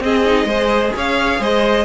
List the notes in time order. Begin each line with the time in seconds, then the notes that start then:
0.00 C4 G#4 D#5
0.25 D#4
0.44 G#3 G#4 C5
0.96 C#4 C#5 F5
1.39 G#3 C5 D#5